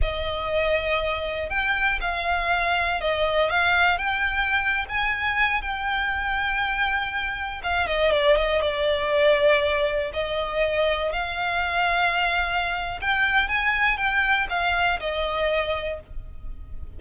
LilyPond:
\new Staff \with { instrumentName = "violin" } { \time 4/4 \tempo 4 = 120 dis''2. g''4 | f''2 dis''4 f''4 | g''4.~ g''16 gis''4. g''8.~ | g''2.~ g''16 f''8 dis''16~ |
dis''16 d''8 dis''8 d''2~ d''8.~ | d''16 dis''2 f''4.~ f''16~ | f''2 g''4 gis''4 | g''4 f''4 dis''2 | }